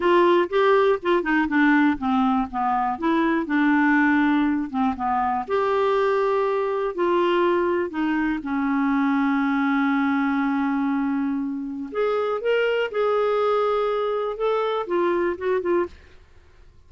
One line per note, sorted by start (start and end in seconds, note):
0.00 0.48 F4
0.49 0.99 G4
1.02 1.23 F4
1.23 1.47 D#4
1.47 1.97 D4
1.98 2.47 C4
2.50 2.98 B3
2.98 3.46 E4
3.46 4.69 D4
4.69 4.94 C4
4.96 5.45 B3
5.47 6.94 G4
6.94 7.90 F4
7.90 8.39 D#4
8.43 11.90 C#4
11.91 12.41 G#4
12.41 12.91 A#4
12.91 14.36 G#4
14.36 14.86 A4
14.86 15.36 F4
15.37 15.61 F#4
15.61 15.86 F4